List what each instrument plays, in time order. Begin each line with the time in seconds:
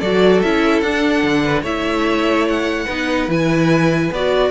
0.00 cello F#3, viola F#4, violin A4 D5
0.42 cello C#4, viola E4, violin E5
0.80 cello D4, viola D4, violin F#5
1.23 cello D3
1.45 violin B4
1.63 cello A3, viola E4, violin C#5 E5
2.48 violin F#5
2.86 cello B3, viola D#4, violin B4
3.28 cello E3, viola E4, violin G#5
4.12 cello B3, viola F#4, violin D5